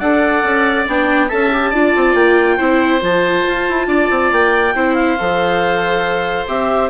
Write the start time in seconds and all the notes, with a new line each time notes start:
0.00 D4 A4 D5 F#5
0.44 C#4
0.88 B3 D4 G5
1.28 C#4 A4 E5 A5
1.53 G4
1.71 D4 F4 D5
1.96 C4
2.15 A#3 G5
2.58 C4 E4 C5
3.01 F3 F4 A5
3.48 F4
3.70 E4
3.87 D4 D5
4.11 C4
4.32 A#3 G5
4.75 C4 E4 C5
4.95 F5
5.19 F3 A4
6.48 C4 G4 E5